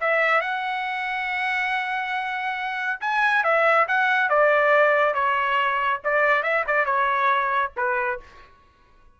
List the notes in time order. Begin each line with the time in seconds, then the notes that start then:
0.00 E5
0.41 F#5
3.00 G#5
3.43 E5
3.88 F#5
4.29 D5
5.14 C#5
6.04 D5
6.43 E5
6.67 D5
6.85 C#5
7.76 B4